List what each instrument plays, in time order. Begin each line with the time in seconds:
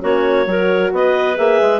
0.00 bassoon A#3, horn C#4, clarinet F#4 C#5
0.46 bassoon F#3, horn F#4, clarinet A#4
0.92 bassoon B3, clarinet B4 D#5
1.36 bassoon A#3, horn G#4, clarinet E5
1.61 bassoon G#3